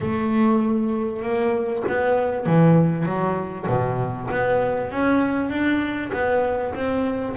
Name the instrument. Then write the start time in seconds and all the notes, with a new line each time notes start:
double bass
0.00 A3
1.22 A#3
1.88 B3
2.46 E3
3.05 F#3
3.68 B2
4.31 B3
4.91 C#4
5.49 D4
6.13 B3
6.74 C4